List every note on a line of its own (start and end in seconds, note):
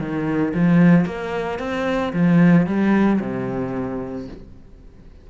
0.00 0.54 D#3
0.55 1.06 F3
1.06 1.59 A#3
1.59 2.13 C4
2.14 2.67 F3
2.67 3.20 G3
3.21 4.28 C3